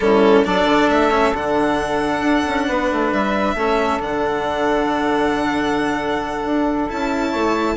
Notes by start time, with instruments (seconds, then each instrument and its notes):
0.00 bassoon G3, cello C#4, saxophone E4, violin A4
0.44 bassoon F#3, cello D4, saxophone A4, violin D5
0.64 bassoon D3
0.90 bassoon A3, violin E5
1.10 cello C#4
1.32 bassoon D3, cello D4, violin F#5
2.20 bassoon D4
2.47 bassoon C#4
2.66 bassoon B3, saxophone B4
2.91 bassoon A3
3.12 bassoon G3, violin E5
3.54 bassoon A3, cello C#4, saxophone A4
3.99 bassoon D3, cello D4, violin F#5
6.45 bassoon D4
6.88 bassoon C#4, cello E4, violin A5
7.29 bassoon A3, saxophone C#5